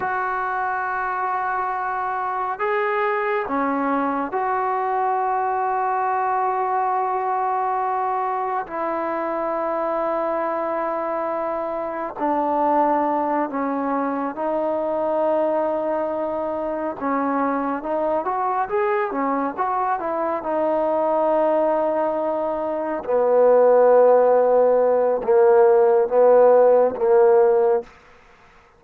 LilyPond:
\new Staff \with { instrumentName = "trombone" } { \time 4/4 \tempo 4 = 69 fis'2. gis'4 | cis'4 fis'2.~ | fis'2 e'2~ | e'2 d'4. cis'8~ |
cis'8 dis'2. cis'8~ | cis'8 dis'8 fis'8 gis'8 cis'8 fis'8 e'8 dis'8~ | dis'2~ dis'8 b4.~ | b4 ais4 b4 ais4 | }